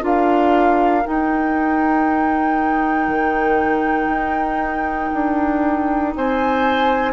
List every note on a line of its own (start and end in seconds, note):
0.00 1.04 D4
0.00 1.02 F4
0.00 6.13 A#4
0.00 1.06 F5
1.04 7.12 D#4
1.04 3.07 D#4
1.04 6.15 G5
3.07 4.07 D#3
4.07 5.09 D#4
5.13 6.15 D4
6.15 7.12 C4
6.15 7.12 C5
6.15 7.12 G#5